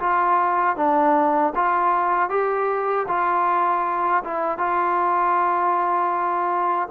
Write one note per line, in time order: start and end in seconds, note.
0.00 0.77 F4
0.77 1.53 D4
1.55 2.30 F4
2.30 3.07 G4
3.08 4.23 F4
4.24 4.58 E4
4.58 6.89 F4